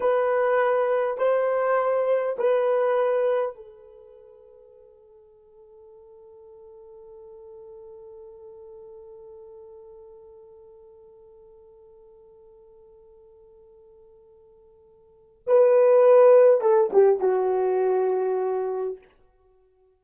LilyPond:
\new Staff \with { instrumentName = "horn" } { \time 4/4 \tempo 4 = 101 b'2 c''2 | b'2 a'2~ | a'1~ | a'1~ |
a'1~ | a'1~ | a'2 b'2 | a'8 g'8 fis'2. | }